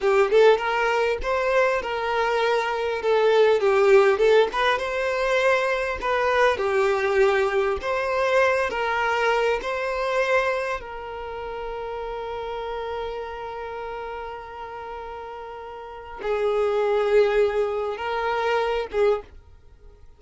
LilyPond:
\new Staff \with { instrumentName = "violin" } { \time 4/4 \tempo 4 = 100 g'8 a'8 ais'4 c''4 ais'4~ | ais'4 a'4 g'4 a'8 b'8 | c''2 b'4 g'4~ | g'4 c''4. ais'4. |
c''2 ais'2~ | ais'1~ | ais'2. gis'4~ | gis'2 ais'4. gis'8 | }